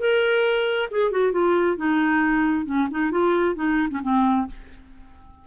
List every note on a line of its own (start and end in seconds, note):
0.00 0.90 A#4
0.91 1.12 G#4
1.12 1.32 F#4
1.32 1.77 F4
1.77 2.66 D#4
2.66 2.88 C#4
2.91 3.12 D#4
3.12 3.56 F4
3.56 3.89 D#4
3.90 4.02 C#4
4.03 4.48 C4